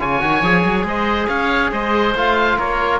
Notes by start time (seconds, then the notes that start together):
0.00 C#3 F4 C#5 G#5
0.21 D#3 F#4
0.43 F3 G#4
0.65 F#3
0.84 G#3 C5 D#5
1.28 C#4 C#5 F5
1.72 G#3 C5 D#5
2.15 A3 F4 F5
2.58 A#3 A#4 C#5